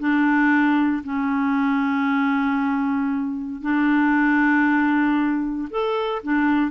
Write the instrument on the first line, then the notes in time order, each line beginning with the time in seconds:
clarinet
0.00 D4
1.04 C#4
3.62 D4
5.71 A4
6.24 D4